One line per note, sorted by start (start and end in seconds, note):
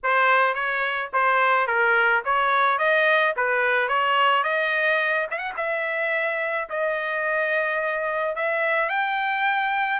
0.03 0.54 C5
0.54 1.10 C#5
1.13 1.67 C5
1.67 2.22 A#4
2.24 2.78 C#5
2.78 3.34 D#5
3.36 3.88 B4
3.88 4.43 C#5
4.43 5.27 D#5
5.30 5.38 E5
5.38 5.52 F#5
5.57 6.68 E5
6.69 8.35 D#5
8.35 8.89 E5
8.89 10.00 G5